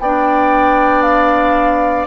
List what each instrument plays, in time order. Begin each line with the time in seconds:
0.00 bassoon B3, clarinet D4, oboe D5, flute G5
1.02 flute F5